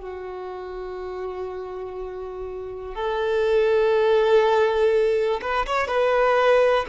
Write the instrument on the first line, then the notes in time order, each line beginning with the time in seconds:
violin
0.00 F#4
2.95 A4
5.41 B4
5.66 C#5
5.87 B4